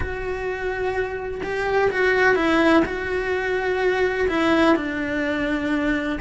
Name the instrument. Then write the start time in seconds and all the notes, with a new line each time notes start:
cello
0.00 F#4
1.43 G4
1.91 F#4
2.35 E4
2.85 F#4
4.28 E4
4.76 D4